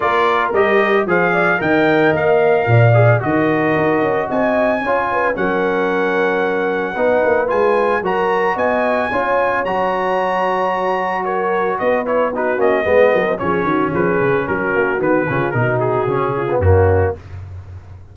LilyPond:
<<
  \new Staff \with { instrumentName = "trumpet" } { \time 4/4 \tempo 4 = 112 d''4 dis''4 f''4 g''4 | f''2 dis''2 | gis''2 fis''2~ | fis''2 gis''4 ais''4 |
gis''2 ais''2~ | ais''4 cis''4 dis''8 cis''8 b'8 dis''8~ | dis''4 cis''4 b'4 ais'4 | b'4 ais'8 gis'4. fis'4 | }
  \new Staff \with { instrumentName = "horn" } { \time 4/4 ais'2 c''8 d''8 dis''4~ | dis''4 d''4 ais'2 | dis''4 cis''8 b'8 ais'2~ | ais'4 b'2 ais'4 |
dis''4 cis''2.~ | cis''4 ais'4 b'4 fis'4 | b'8 ais'8 gis'8 fis'8 gis'4 fis'4~ | fis'8 f'8 fis'4. f'8 cis'4 | }
  \new Staff \with { instrumentName = "trombone" } { \time 4/4 f'4 g'4 gis'4 ais'4~ | ais'4. gis'8 fis'2~ | fis'4 f'4 cis'2~ | cis'4 dis'4 f'4 fis'4~ |
fis'4 f'4 fis'2~ | fis'2~ fis'8 e'8 dis'8 cis'8 | b4 cis'2. | b8 cis'8 dis'4 cis'8. b16 ais4 | }
  \new Staff \with { instrumentName = "tuba" } { \time 4/4 ais4 g4 f4 dis4 | ais4 ais,4 dis4 dis'8 cis'8 | c'4 cis'4 fis2~ | fis4 b8 ais8 gis4 fis4 |
b4 cis'4 fis2~ | fis2 b4. ais8 | gis8 fis8 f8 dis8 f8 cis8 fis8 ais8 | dis8 cis8 b,4 cis4 fis,4 | }
>>